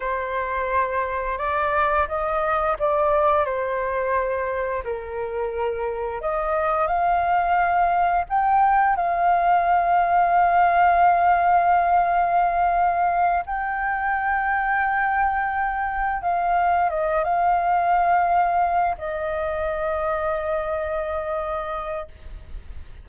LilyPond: \new Staff \with { instrumentName = "flute" } { \time 4/4 \tempo 4 = 87 c''2 d''4 dis''4 | d''4 c''2 ais'4~ | ais'4 dis''4 f''2 | g''4 f''2.~ |
f''2.~ f''8 g''8~ | g''2.~ g''8 f''8~ | f''8 dis''8 f''2~ f''8 dis''8~ | dis''1 | }